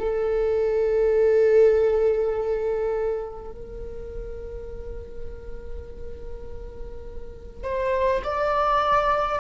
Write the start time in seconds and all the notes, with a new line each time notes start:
0.00 A4
3.52 A#4
7.64 C5
8.24 D5